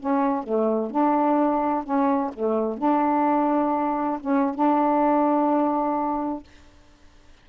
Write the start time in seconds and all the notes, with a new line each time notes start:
0.00 C#4
0.44 A3
0.91 D4
1.84 C#4
2.34 A3
2.78 D4
4.21 C#4
4.55 D4